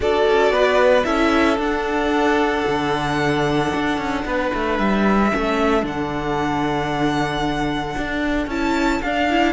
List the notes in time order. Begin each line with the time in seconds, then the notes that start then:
0.00 D4 F#4 A4 D5
0.27 C#4
0.50 B3 B4
1.04 C#4 E4 A4 E5
1.58 D4 F#5
2.67 D3
3.74 D4
3.97 C#4
4.25 B3 B4
4.54 A3
4.78 G3 E5
5.32 A3 C#4 A4
5.82 D3 D4 F#5
7.97 D4
8.46 C#4 E4 A5
9.02 D4 F5
9.30 E4